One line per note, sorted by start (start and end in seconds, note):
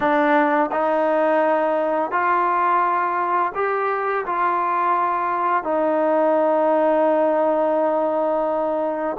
0.00 0.70 D4
0.71 2.11 D#4
2.11 3.52 F4
3.54 4.25 G4
4.26 5.63 F4
5.63 9.16 D#4